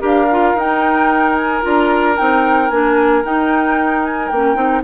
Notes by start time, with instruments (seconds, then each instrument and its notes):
0.00 bassoon D4, clarinet G4, oboe A#4, flute F5
0.31 clarinet F4
0.54 bassoon D#4, clarinet D#4, flute G5
1.35 flute G#5
1.62 bassoon D4, clarinet F4, flute A#5
2.16 bassoon C4, clarinet D#4, flute G5
2.70 bassoon A#3, clarinet D4, flute G#5
3.24 bassoon D#4, clarinet D#4, flute G5
4.05 flute G#5
4.29 bassoon A#3, clarinet C#4, flute G5
4.55 bassoon C4, clarinet D#4